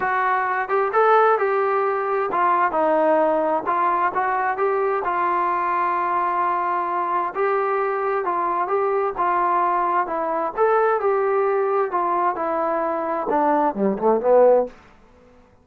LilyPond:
\new Staff \with { instrumentName = "trombone" } { \time 4/4 \tempo 4 = 131 fis'4. g'8 a'4 g'4~ | g'4 f'4 dis'2 | f'4 fis'4 g'4 f'4~ | f'1 |
g'2 f'4 g'4 | f'2 e'4 a'4 | g'2 f'4 e'4~ | e'4 d'4 g8 a8 b4 | }